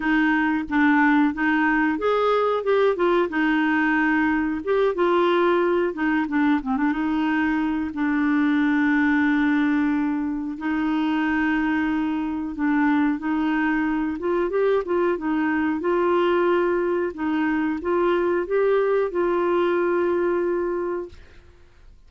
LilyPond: \new Staff \with { instrumentName = "clarinet" } { \time 4/4 \tempo 4 = 91 dis'4 d'4 dis'4 gis'4 | g'8 f'8 dis'2 g'8 f'8~ | f'4 dis'8 d'8 c'16 d'16 dis'4. | d'1 |
dis'2. d'4 | dis'4. f'8 g'8 f'8 dis'4 | f'2 dis'4 f'4 | g'4 f'2. | }